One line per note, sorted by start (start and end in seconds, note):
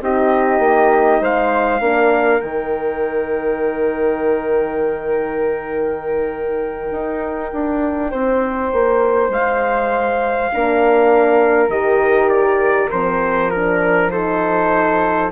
0.00 0.59 C4
0.00 1.81 D#4
0.00 1.21 G4
0.00 1.24 D#5
0.59 1.19 A#3
1.20 1.80 G#3
1.20 1.79 C5
1.20 2.41 F5
1.79 2.40 A#3
1.79 2.41 D4
1.79 8.10 A#4
2.41 6.91 D#3
2.41 10.51 D#4
2.41 9.30 G5
6.91 7.51 D#4
7.53 8.12 D4
8.10 8.72 C4
8.10 10.50 C5
8.72 9.29 A#3
9.29 10.49 G#3
9.29 11.70 F5
10.52 11.69 A#3
10.52 11.70 D4
10.52 14.11 A#4
11.69 12.89 D#3
11.69 12.90 G4
11.69 12.29 D#5
12.29 12.89 D5
12.90 15.31 F3
12.90 13.52 C4
12.90 13.50 C5
13.50 14.12 D4
13.50 14.10 A#4
14.11 15.31 D#4
14.11 15.31 A4
14.11 15.30 C5